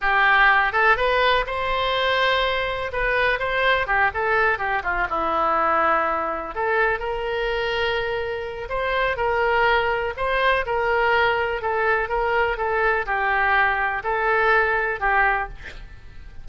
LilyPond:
\new Staff \with { instrumentName = "oboe" } { \time 4/4 \tempo 4 = 124 g'4. a'8 b'4 c''4~ | c''2 b'4 c''4 | g'8 a'4 g'8 f'8 e'4.~ | e'4. a'4 ais'4.~ |
ais'2 c''4 ais'4~ | ais'4 c''4 ais'2 | a'4 ais'4 a'4 g'4~ | g'4 a'2 g'4 | }